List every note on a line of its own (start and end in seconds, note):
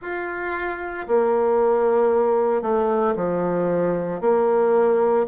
0.01 1.07 F4
1.07 2.62 A#3
2.62 3.14 A3
3.15 4.21 F3
4.21 5.26 A#3